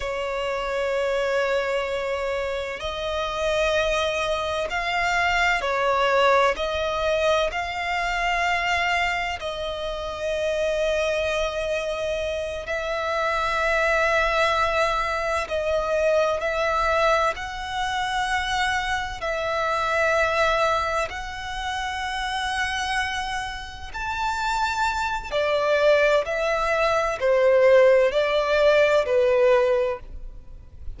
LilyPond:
\new Staff \with { instrumentName = "violin" } { \time 4/4 \tempo 4 = 64 cis''2. dis''4~ | dis''4 f''4 cis''4 dis''4 | f''2 dis''2~ | dis''4. e''2~ e''8~ |
e''8 dis''4 e''4 fis''4.~ | fis''8 e''2 fis''4.~ | fis''4. a''4. d''4 | e''4 c''4 d''4 b'4 | }